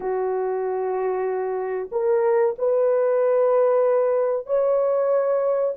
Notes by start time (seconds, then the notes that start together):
0.00 F#4
1.91 A#4
2.58 B4
4.46 C#5